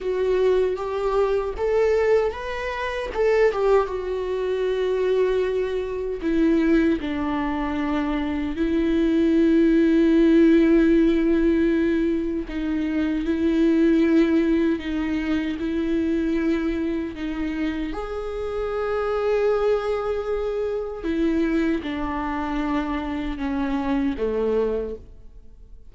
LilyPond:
\new Staff \with { instrumentName = "viola" } { \time 4/4 \tempo 4 = 77 fis'4 g'4 a'4 b'4 | a'8 g'8 fis'2. | e'4 d'2 e'4~ | e'1 |
dis'4 e'2 dis'4 | e'2 dis'4 gis'4~ | gis'2. e'4 | d'2 cis'4 a4 | }